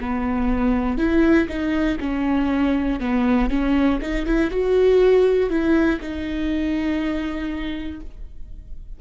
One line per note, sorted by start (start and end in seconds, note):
0.00 0.98 B3
0.98 1.48 E4
1.48 1.98 D#4
2.00 3.00 C#4
3.00 3.49 B3
3.49 3.99 C#4
4.01 4.25 D#4
4.25 4.50 E4
4.50 5.50 F#4
5.50 6.00 E4
6.00 8.00 D#4